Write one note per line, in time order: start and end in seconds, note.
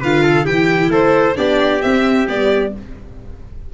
0.00 0.45 D3
0.00 0.44 F4
0.00 0.22 B4
0.00 0.46 F5
0.22 0.45 A4
0.44 0.89 E3
0.44 1.34 E4
0.44 0.90 G4
0.44 0.91 G5
0.89 1.34 A3
0.89 1.36 A4
0.89 1.36 C5
1.35 1.83 B3
1.35 1.80 D4
1.35 2.73 G4
1.35 1.81 D5
1.81 2.27 C4
1.81 2.26 E5
2.27 2.72 G3
2.27 2.72 B3
2.27 2.73 D5